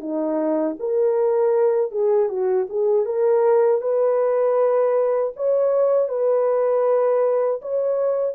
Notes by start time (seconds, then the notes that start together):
0.00 D#4
0.79 A#4
1.92 G#4
2.29 F#4
2.70 G#4
3.06 A#4
3.81 B4
5.36 C#5
6.09 B4
7.62 C#5